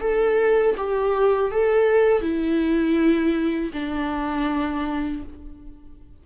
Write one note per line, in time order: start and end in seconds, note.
0.00 0.75 A4
0.77 1.51 G4
1.51 2.21 A4
2.21 3.71 E4
3.73 5.23 D4